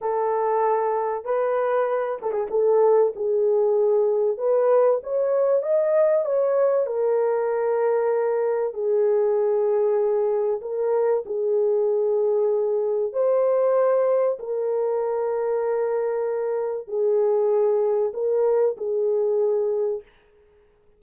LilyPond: \new Staff \with { instrumentName = "horn" } { \time 4/4 \tempo 4 = 96 a'2 b'4. a'16 gis'16 | a'4 gis'2 b'4 | cis''4 dis''4 cis''4 ais'4~ | ais'2 gis'2~ |
gis'4 ais'4 gis'2~ | gis'4 c''2 ais'4~ | ais'2. gis'4~ | gis'4 ais'4 gis'2 | }